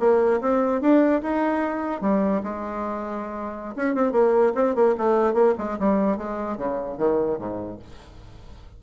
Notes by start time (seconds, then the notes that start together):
0.00 A#3
0.41 C4
0.81 D4
1.23 D#4
2.02 G3
2.43 G#3
3.76 C#4
3.95 C4
4.12 A#3
4.55 C4
4.75 A#3
4.98 A3
5.34 A#3
5.58 G#3
5.79 G3
6.18 G#3
6.58 C#3
6.98 D#3
7.39 G#2